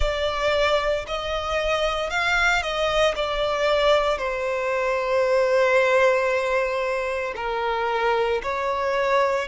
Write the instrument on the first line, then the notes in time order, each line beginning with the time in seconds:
violin
0.00 D5
1.07 D#5
2.10 F5
2.62 D#5
3.15 D5
4.18 C5
7.36 A#4
8.42 C#5